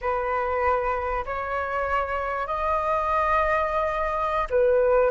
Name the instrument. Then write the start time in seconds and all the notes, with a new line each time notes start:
flute
0.01 B4
1.25 C#5
2.46 D#5
4.50 B4